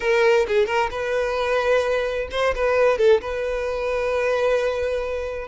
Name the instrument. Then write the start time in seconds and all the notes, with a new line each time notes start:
violin
0.00 A#4
0.47 G#4
0.66 A#4
0.91 B4
2.31 C5
2.55 B4
2.98 A4
3.21 B4